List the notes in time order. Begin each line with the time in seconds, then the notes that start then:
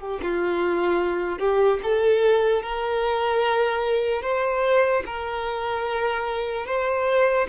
0.00 G4
0.22 F4
1.39 G4
1.83 A4
2.62 A#4
4.22 C5
5.06 A#4
6.66 C5